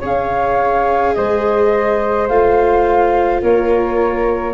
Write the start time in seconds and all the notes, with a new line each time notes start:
0.00 C#4 G#4 C#5 F5
1.14 G#3 C5 D#5
2.29 A3 F4 F5
3.42 A#3 A#4 C#5